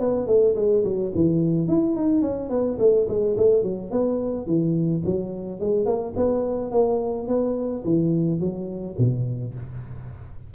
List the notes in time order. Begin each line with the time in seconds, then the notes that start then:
0.00 B3
0.28 A3
0.56 G#3
0.84 F#3
1.15 E3
1.68 E4
1.96 D#4
2.22 C#4
2.50 B3
2.79 A3
3.09 G#3
3.38 A3
3.63 F#3
3.91 B3
4.47 E3
5.06 F#3
5.60 G#3
5.86 A#3
6.17 B3
6.72 A#3
7.28 B3
7.85 E3
8.41 F#3
8.99 B2